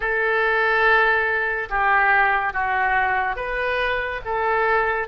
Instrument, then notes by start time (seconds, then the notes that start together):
oboe
0.00 A4
1.69 G4
2.53 F#4
3.36 B4
4.24 A4